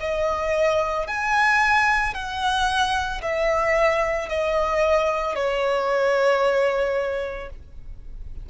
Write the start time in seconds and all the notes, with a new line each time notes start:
0.00 D#5
1.07 G#5
2.14 F#5
3.22 E5
4.29 D#5
5.35 C#5